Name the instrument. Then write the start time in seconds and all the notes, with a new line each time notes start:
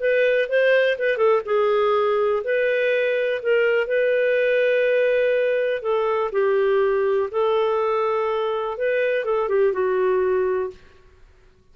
clarinet
0.00 B4
0.49 C5
0.98 B4
1.17 A4
1.45 G#4
2.44 B4
3.42 A#4
3.87 B4
5.82 A4
6.32 G4
7.31 A4
8.78 B4
9.25 A4
9.49 G4
9.73 F#4